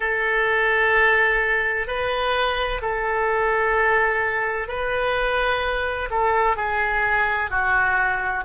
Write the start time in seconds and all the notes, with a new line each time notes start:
0.00 A4
1.87 B4
2.81 A4
4.68 B4
6.10 A4
6.56 G#4
7.50 F#4